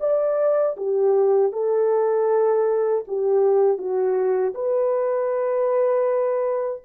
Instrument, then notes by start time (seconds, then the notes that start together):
horn
0.00 D5
0.77 G4
1.52 A4
3.08 G4
3.78 F#4
4.54 B4